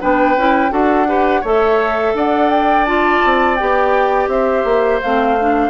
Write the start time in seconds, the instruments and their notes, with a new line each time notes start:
0.00 bassoon B3, clarinet D4, oboe B4, flute G5
0.36 bassoon C#4, clarinet E4
0.70 bassoon D4, clarinet F#4, oboe A4, flute F#5
1.07 clarinet G4, oboe B4
1.41 bassoon A3, clarinet A4, oboe C#5, flute E5
2.13 bassoon D4, oboe D5, flute F#5
2.49 flute G5
2.85 clarinet F4, flute A5
3.25 bassoon C4
3.56 bassoon B3, clarinet G4, flute G5
4.27 bassoon C4, oboe C5, flute E5
4.64 bassoon A#3
5.01 bassoon A3, clarinet C4, flute F5
5.40 clarinet D4